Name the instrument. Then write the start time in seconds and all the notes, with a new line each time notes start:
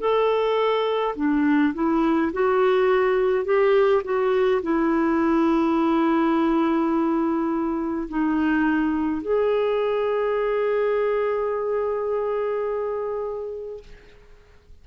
clarinet
0.00 A4
1.15 D4
1.74 E4
2.33 F#4
3.45 G4
4.04 F#4
4.62 E4
8.09 D#4
9.22 G#4